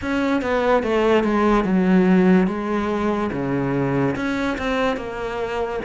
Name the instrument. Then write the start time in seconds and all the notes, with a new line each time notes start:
cello
0.01 C#4
0.41 B3
0.83 A3
1.23 G#3
1.64 F#3
2.47 G#3
3.32 C#3
4.16 C#4
4.58 C4
4.96 A#3